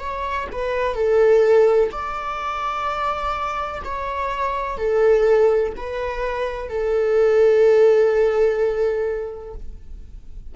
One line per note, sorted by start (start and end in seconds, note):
0.00 0.48 C#5
0.52 0.95 B4
0.95 1.90 A4
1.92 3.83 D5
3.85 4.78 C#5
4.78 5.74 A4
5.77 6.69 B4
6.69 9.55 A4